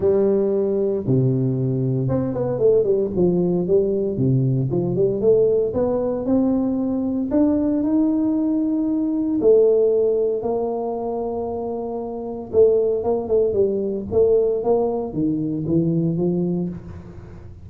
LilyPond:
\new Staff \with { instrumentName = "tuba" } { \time 4/4 \tempo 4 = 115 g2 c2 | c'8 b8 a8 g8 f4 g4 | c4 f8 g8 a4 b4 | c'2 d'4 dis'4~ |
dis'2 a2 | ais1 | a4 ais8 a8 g4 a4 | ais4 dis4 e4 f4 | }